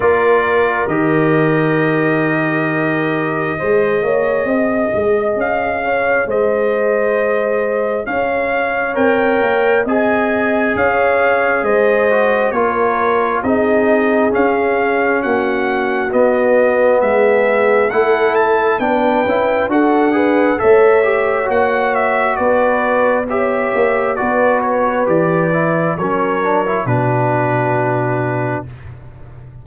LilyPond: <<
  \new Staff \with { instrumentName = "trumpet" } { \time 4/4 \tempo 4 = 67 d''4 dis''2.~ | dis''2 f''4 dis''4~ | dis''4 f''4 g''4 gis''4 | f''4 dis''4 cis''4 dis''4 |
f''4 fis''4 dis''4 e''4 | fis''8 a''8 g''4 fis''4 e''4 | fis''8 e''8 d''4 e''4 d''8 cis''8 | d''4 cis''4 b'2 | }
  \new Staff \with { instrumentName = "horn" } { \time 4/4 ais'1 | c''8 cis''8 dis''4. cis''8 c''4~ | c''4 cis''2 dis''4 | cis''4 c''4 ais'4 gis'4~ |
gis'4 fis'2 gis'4 | a'4 b'4 a'8 b'8 cis''4~ | cis''4 b'4 cis''4 b'4~ | b'4 ais'4 fis'2 | }
  \new Staff \with { instrumentName = "trombone" } { \time 4/4 f'4 g'2. | gis'1~ | gis'2 ais'4 gis'4~ | gis'4. fis'8 f'4 dis'4 |
cis'2 b2 | e'4 d'8 e'8 fis'8 gis'8 a'8 g'8 | fis'2 g'4 fis'4 | g'8 e'8 cis'8 d'16 e'16 d'2 | }
  \new Staff \with { instrumentName = "tuba" } { \time 4/4 ais4 dis2. | gis8 ais8 c'8 gis8 cis'4 gis4~ | gis4 cis'4 c'8 ais8 c'4 | cis'4 gis4 ais4 c'4 |
cis'4 ais4 b4 gis4 | a4 b8 cis'8 d'4 a4 | ais4 b4. ais8 b4 | e4 fis4 b,2 | }
>>